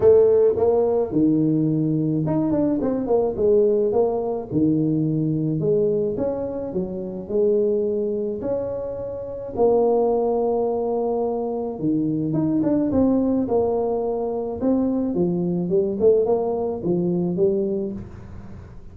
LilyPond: \new Staff \with { instrumentName = "tuba" } { \time 4/4 \tempo 4 = 107 a4 ais4 dis2 | dis'8 d'8 c'8 ais8 gis4 ais4 | dis2 gis4 cis'4 | fis4 gis2 cis'4~ |
cis'4 ais2.~ | ais4 dis4 dis'8 d'8 c'4 | ais2 c'4 f4 | g8 a8 ais4 f4 g4 | }